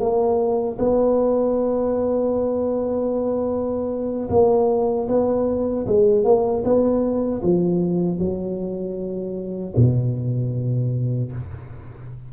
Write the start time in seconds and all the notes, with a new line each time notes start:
0.00 A#3
0.79 B3
4.30 A#3
5.08 B3
5.87 G#3
6.24 A#3
6.64 B3
7.42 F3
8.19 F#3
9.76 B2